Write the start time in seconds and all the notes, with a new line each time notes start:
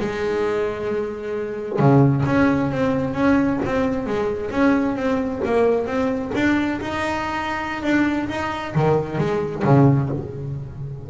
0.00 G#3
1.79 C#3
2.26 C#4
2.71 C4
3.14 C#4
3.65 C4
4.07 G#3
4.51 C#4
4.96 C4
5.45 A#3
5.86 C4
6.35 D4
6.81 D#4
7.83 D4
8.29 D#4
8.75 D#3
9.18 G#3
9.64 C#3